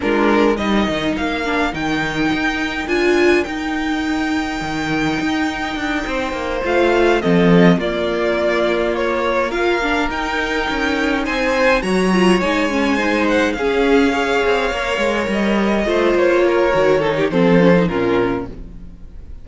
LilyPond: <<
  \new Staff \with { instrumentName = "violin" } { \time 4/4 \tempo 4 = 104 ais'4 dis''4 f''4 g''4~ | g''4 gis''4 g''2~ | g''2.~ g''8 f''8~ | f''8 dis''4 d''2 cis''8~ |
cis''8 f''4 g''2 gis''8~ | gis''8 ais''4 gis''4. fis''8 f''8~ | f''2~ f''8 dis''4. | cis''2 c''4 ais'4 | }
  \new Staff \with { instrumentName = "violin" } { \time 4/4 f'4 ais'2.~ | ais'1~ | ais'2~ ais'8 c''4.~ | c''8 a'4 f'2~ f'8~ |
f'8 ais'2. c''8~ | c''8 cis''2 c''4 gis'8~ | gis'8 cis''2. c''8~ | c''8 ais'4 a'16 g'16 a'4 f'4 | }
  \new Staff \with { instrumentName = "viola" } { \time 4/4 d'4 dis'4. d'8 dis'4~ | dis'4 f'4 dis'2~ | dis'2.~ dis'8 f'8~ | f'8 c'4 ais2~ ais8~ |
ais8 f'8 d'8 dis'2~ dis'8~ | dis'8 fis'8 f'8 dis'8 cis'8 dis'4 cis'8~ | cis'8 gis'4 ais'2 f'8~ | f'4 fis'8 dis'8 c'8 cis'16 dis'16 cis'4 | }
  \new Staff \with { instrumentName = "cello" } { \time 4/4 gis4 g8 dis8 ais4 dis4 | dis'4 d'4 dis'2 | dis4 dis'4 d'8 c'8 ais8 a8~ | a8 f4 ais2~ ais8~ |
ais4. dis'4 cis'4 c'8~ | c'8 fis4 gis2 cis'8~ | cis'4 c'8 ais8 gis8 g4 a8 | ais4 dis4 f4 ais,4 | }
>>